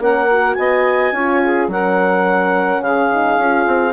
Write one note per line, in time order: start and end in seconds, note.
0.00 0.56 A#3
0.00 0.29 C#4
0.00 0.57 A#4
0.00 0.55 F#5
0.32 1.15 F#4
0.55 1.12 B3
0.55 1.14 D#5
0.55 1.67 G#5
1.12 1.68 C#4
1.12 1.71 F4
1.12 1.42 C#5
1.44 1.71 G#4
1.68 2.81 F#3
1.68 3.12 C#4
1.68 2.83 A#4
1.68 2.82 F#5
2.81 3.37 C#3
2.81 3.93 G#4
2.81 3.93 F5
3.12 3.40 D#4
3.38 3.66 C#4
3.38 3.93 F4
3.67 3.93 C4